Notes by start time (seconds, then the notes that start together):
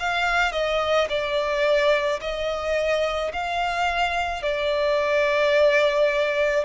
0.00 F5
0.53 D#5
1.10 D5
2.21 D#5
3.33 F5
4.43 D5